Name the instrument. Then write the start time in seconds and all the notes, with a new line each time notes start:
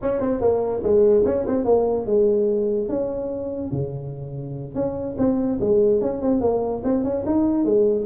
tuba
0.02 C#4
0.20 C4
0.40 A#3
0.83 G#3
1.25 C#4
1.47 C4
1.64 A#3
2.06 G#3
2.89 C#4
3.71 C#3
4.74 C#4
5.17 C4
5.60 G#3
6.01 C#4
6.21 C4
6.40 A#3
6.84 C4
7.04 C#4
7.26 D#4
7.64 G#3